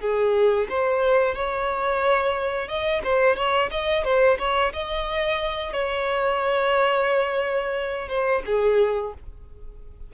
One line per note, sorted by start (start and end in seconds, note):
0.00 0.67 G#4
0.69 1.35 C5
1.35 2.68 C#5
2.68 3.02 D#5
3.04 3.36 C5
3.36 3.70 C#5
3.71 4.04 D#5
4.04 4.38 C5
4.39 4.73 C#5
4.73 5.73 D#5
5.73 8.09 C#5
8.09 8.42 C5
8.46 9.13 G#4